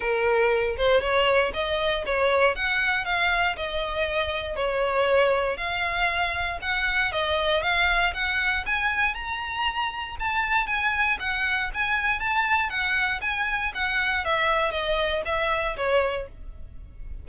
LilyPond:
\new Staff \with { instrumentName = "violin" } { \time 4/4 \tempo 4 = 118 ais'4. c''8 cis''4 dis''4 | cis''4 fis''4 f''4 dis''4~ | dis''4 cis''2 f''4~ | f''4 fis''4 dis''4 f''4 |
fis''4 gis''4 ais''2 | a''4 gis''4 fis''4 gis''4 | a''4 fis''4 gis''4 fis''4 | e''4 dis''4 e''4 cis''4 | }